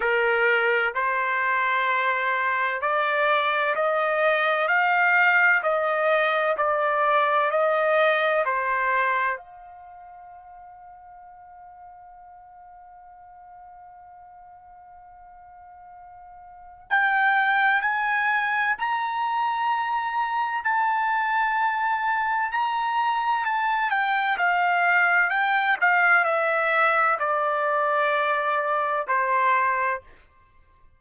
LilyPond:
\new Staff \with { instrumentName = "trumpet" } { \time 4/4 \tempo 4 = 64 ais'4 c''2 d''4 | dis''4 f''4 dis''4 d''4 | dis''4 c''4 f''2~ | f''1~ |
f''2 g''4 gis''4 | ais''2 a''2 | ais''4 a''8 g''8 f''4 g''8 f''8 | e''4 d''2 c''4 | }